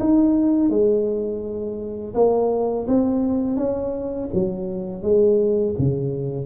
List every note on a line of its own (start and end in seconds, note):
0.00 0.70 D#4
0.70 2.14 G#3
2.15 2.87 A#3
2.88 3.57 C4
3.57 4.29 C#4
4.34 5.03 F#3
5.03 5.75 G#3
5.79 6.46 C#3